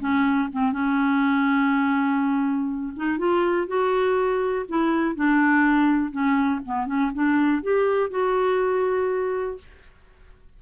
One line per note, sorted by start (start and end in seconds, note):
0.00 0.49 C#4
0.52 0.72 C4
0.72 2.94 C#4
2.96 3.19 D#4
3.19 3.68 F4
3.68 4.66 F#4
4.69 5.15 E4
5.15 6.11 D4
6.11 6.61 C#4
6.65 6.86 B3
6.86 7.11 C#4
7.14 7.63 D4
7.63 8.10 G4
8.10 9.58 F#4